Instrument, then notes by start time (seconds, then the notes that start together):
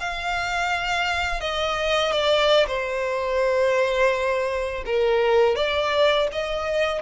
violin
0.00 F5
1.41 D#5
2.12 D5
2.67 C5
4.86 A#4
5.56 D5
6.32 D#5